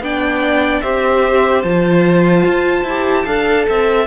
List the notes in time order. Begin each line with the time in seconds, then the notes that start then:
0.00 B3 D4 D5 G5
0.81 C4 G4 C5 E5
1.63 F3 F4 A5
2.46 F4
2.84 E4 G4
3.25 D4 A4 F5
3.69 C4 E5